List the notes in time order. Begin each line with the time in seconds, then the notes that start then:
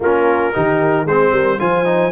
0.00 A#3 C#4 F4 A#4
0.52 D#3 D#4 G4
1.05 G#3 C4 G#4 C5
1.32 G3 A#4
1.59 F3 F4 C5 G#5
1.84 D#4